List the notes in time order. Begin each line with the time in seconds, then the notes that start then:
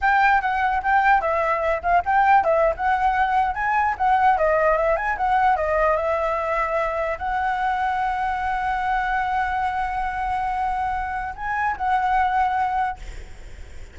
0.01 G5
0.41 F#5
0.82 G5
1.21 E5
1.82 F5
2.05 G5
2.44 E5
2.76 F#5
3.54 G#5
3.97 F#5
4.37 D#5
4.77 E5
4.96 G#5
5.17 F#5
5.56 D#5
5.96 E5
7.18 F#5
11.35 G#5
11.76 F#5